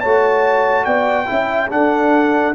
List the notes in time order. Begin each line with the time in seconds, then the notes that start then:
0.00 A3 F#4 C#5 A5
0.85 B3 D5 G5
1.26 C#4 E4 E5
1.69 D4 A4 F#5